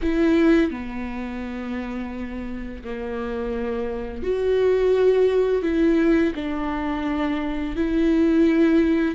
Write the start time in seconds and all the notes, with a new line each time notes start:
0.02 E4
0.71 B3
2.84 A#3
4.22 F#4
5.62 E4
6.35 D4
7.76 E4